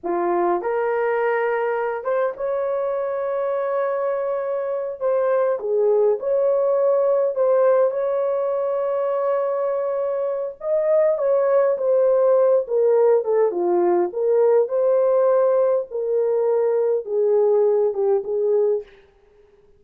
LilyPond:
\new Staff \with { instrumentName = "horn" } { \time 4/4 \tempo 4 = 102 f'4 ais'2~ ais'8 c''8 | cis''1~ | cis''8 c''4 gis'4 cis''4.~ | cis''8 c''4 cis''2~ cis''8~ |
cis''2 dis''4 cis''4 | c''4. ais'4 a'8 f'4 | ais'4 c''2 ais'4~ | ais'4 gis'4. g'8 gis'4 | }